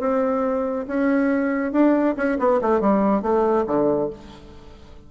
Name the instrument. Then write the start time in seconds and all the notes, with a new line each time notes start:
bassoon
0.00 C4
0.88 C#4
1.72 D4
2.17 C#4
2.39 B3
2.61 A3
2.81 G3
3.22 A3
3.67 D3